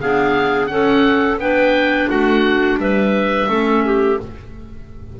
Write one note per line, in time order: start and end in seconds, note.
0.00 0.68 B3
0.00 0.70 D4
0.00 0.70 G#4
0.00 0.66 F5
0.66 1.37 C#4
0.66 1.40 A4
0.66 1.36 F#5
1.37 2.07 B3
1.37 3.48 D4
1.37 2.09 B4
1.37 2.09 G5
2.09 2.77 A3
2.09 2.79 F#4
2.09 2.79 F#5
2.77 3.47 G3
2.77 3.48 B4
2.77 4.19 E5
3.48 4.17 A3
3.48 4.17 C#4
3.48 3.83 A4
3.85 4.20 G4